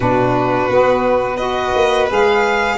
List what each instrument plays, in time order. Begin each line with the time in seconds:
0.00 tuba B2, saxophone D4, violin F#4 B4
0.69 tuba B3, saxophone B3
1.35 saxophone F#4, violin B4 D#5
1.75 tuba A#3
2.08 tuba G#3, saxophone G#4, violin F5